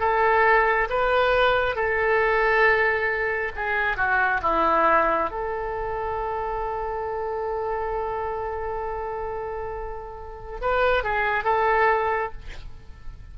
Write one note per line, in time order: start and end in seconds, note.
0.00 0.88 A4
0.90 1.76 B4
1.76 3.52 A4
3.56 3.97 G#4
3.97 4.41 F#4
4.42 5.31 E4
5.31 10.60 A4
10.61 11.04 B4
11.04 11.44 G#4
11.44 12.32 A4